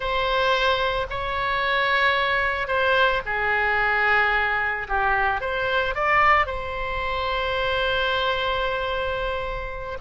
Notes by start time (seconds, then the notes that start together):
0.00 C5
1.10 C#5
2.67 C5
3.25 G#4
4.88 G4
5.41 C5
5.95 D5
6.46 C5